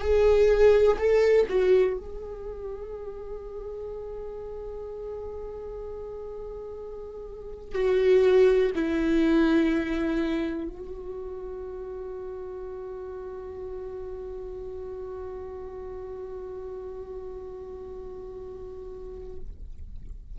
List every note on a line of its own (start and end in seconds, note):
0.00 0.97 G#4
0.98 1.46 A4
1.48 1.97 F#4
1.97 7.75 G#4
7.75 8.71 F#4
8.74 10.68 E4
10.68 19.39 F#4